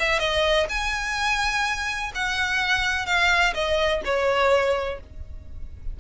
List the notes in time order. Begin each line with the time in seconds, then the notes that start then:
0.00 E5
0.19 D#5
0.69 G#5
2.15 F#5
3.06 F5
3.54 D#5
4.05 C#5